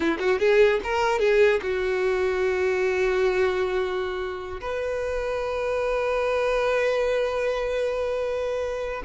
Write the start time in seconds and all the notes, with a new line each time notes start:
0.00 E4
0.19 F#4
0.39 G#4
0.83 A#4
1.19 G#4
1.62 F#4
4.60 B4